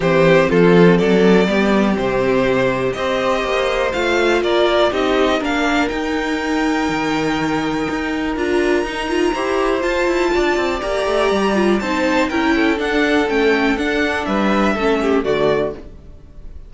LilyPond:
<<
  \new Staff \with { instrumentName = "violin" } { \time 4/4 \tempo 4 = 122 c''4 a'4 d''2 | c''2 dis''2 | f''4 d''4 dis''4 f''4 | g''1~ |
g''4 ais''2. | a''2 ais''2 | a''4 g''4 fis''4 g''4 | fis''4 e''2 d''4 | }
  \new Staff \with { instrumentName = "violin" } { \time 4/4 g'4 f'4 a'4 g'4~ | g'2 c''2~ | c''4 ais'4 g'4 ais'4~ | ais'1~ |
ais'2. c''4~ | c''4 d''2. | c''4 ais'8 a'2~ a'8~ | a'4 b'4 a'8 g'8 fis'4 | }
  \new Staff \with { instrumentName = "viola" } { \time 4/4 c'2. b4 | c'2 g'2 | f'2 dis'4 d'4 | dis'1~ |
dis'4 f'4 dis'8 f'8 g'4 | f'2 g'4. f'8 | dis'4 e'4 d'4 cis'4 | d'2 cis'4 a4 | }
  \new Staff \with { instrumentName = "cello" } { \time 4/4 e4 f4 fis4 g4 | c2 c'4 ais4 | a4 ais4 c'4 ais4 | dis'2 dis2 |
dis'4 d'4 dis'4 e'4 | f'8 e'8 d'8 c'8 ais8 a8 g4 | c'4 cis'4 d'4 a4 | d'4 g4 a4 d4 | }
>>